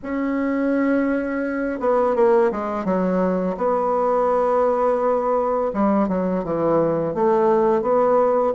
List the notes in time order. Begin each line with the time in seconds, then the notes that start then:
0.02 C#4
1.80 B3
2.15 A#3
2.51 G#3
2.84 F#3
3.57 B3
5.73 G3
6.08 F#3
6.44 E3
7.14 A3
7.82 B3